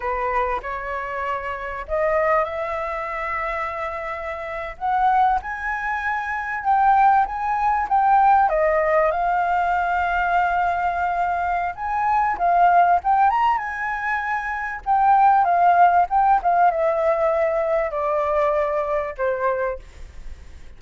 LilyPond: \new Staff \with { instrumentName = "flute" } { \time 4/4 \tempo 4 = 97 b'4 cis''2 dis''4 | e''2.~ e''8. fis''16~ | fis''8. gis''2 g''4 gis''16~ | gis''8. g''4 dis''4 f''4~ f''16~ |
f''2. gis''4 | f''4 g''8 ais''8 gis''2 | g''4 f''4 g''8 f''8 e''4~ | e''4 d''2 c''4 | }